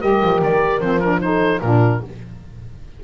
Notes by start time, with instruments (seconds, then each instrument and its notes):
0.00 double bass G3, saxophone G4, horn A#4, oboe D#5
0.22 double bass F3
0.41 double bass D#3, oboe D5
0.80 double bass F3, saxophone C4, oboe C5
1.00 saxophone D4, oboe A#4
1.21 saxophone D#4, horn A4, oboe C5
1.60 double bass A#2, saxophone D4, horn F4, oboe A#4